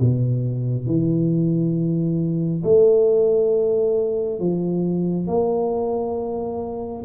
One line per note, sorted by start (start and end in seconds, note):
0.00 0.87 B2
0.87 2.63 E3
2.64 4.40 A3
4.40 5.27 F3
5.27 7.04 A#3